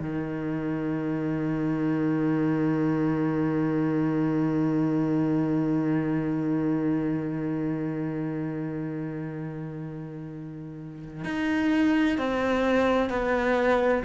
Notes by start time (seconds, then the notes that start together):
0.00 D#3
11.25 D#4
12.18 C4
13.10 B3